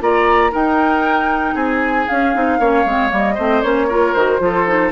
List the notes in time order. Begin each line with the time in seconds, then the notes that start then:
0.00 A#3 F4 D5 A#5
0.52 D#4 A#4 G5
1.54 C4 G#4 G#5
2.08 C#4 F5
2.34 C4 D#4
2.59 A#3 C#4 C#5
2.85 G#3 C4
3.09 G3 A#3
3.16 D#5
3.35 A3 C4 C5
3.62 A#3 C#4 C#5
3.89 F4 A#4
4.13 D#3 F#4 C5
4.39 F3 F4 A4
4.67 D#4